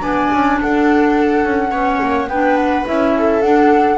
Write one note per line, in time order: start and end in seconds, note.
0.00 0.30 B3
0.00 1.70 D4
0.00 0.59 D5
0.00 0.59 G#5
0.33 0.61 C#4
0.60 1.45 D4
0.60 1.71 A4
0.60 2.29 F#5
1.45 1.72 C#4
1.71 2.00 B3
1.71 2.29 C#4
1.71 2.28 C#5
2.02 2.29 A#3
2.29 2.85 B3
2.29 2.85 D4
2.29 3.14 B4
2.29 2.57 G5
2.57 2.86 F#5
2.85 3.43 C#4
2.85 3.42 E4
2.85 3.42 E5
3.17 3.98 A4
3.42 3.98 D4
3.42 3.98 F#5